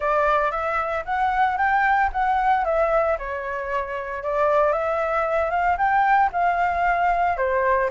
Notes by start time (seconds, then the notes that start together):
0.00 D5
0.51 E5
1.05 F#5
1.57 G5
2.12 F#5
2.65 E5
3.18 C#5
4.23 D5
4.72 E5
5.50 F5
5.77 G5
6.32 F5
7.37 C5